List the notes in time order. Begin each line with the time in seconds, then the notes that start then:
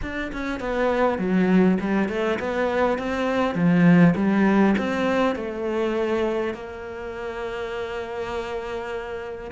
0.02 D4
0.32 C#4
0.59 B3
1.18 F#3
1.80 G3
2.08 A3
2.39 B3
2.98 C4
3.55 F3
4.15 G3
4.78 C4
5.35 A3
6.53 A#3